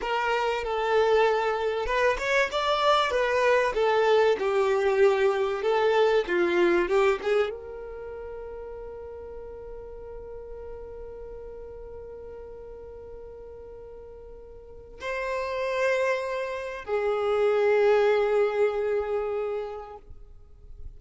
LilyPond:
\new Staff \with { instrumentName = "violin" } { \time 4/4 \tempo 4 = 96 ais'4 a'2 b'8 cis''8 | d''4 b'4 a'4 g'4~ | g'4 a'4 f'4 g'8 gis'8 | ais'1~ |
ais'1~ | ais'1 | c''2. gis'4~ | gis'1 | }